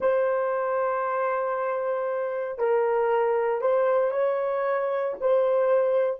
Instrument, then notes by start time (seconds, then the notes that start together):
horn
0.00 C5
2.58 A#4
3.61 C5
4.11 C#5
5.20 C5